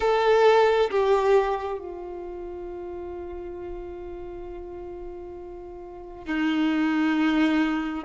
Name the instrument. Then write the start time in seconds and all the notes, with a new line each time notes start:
violin
0.00 A4
0.90 G4
1.78 F4
6.25 D#4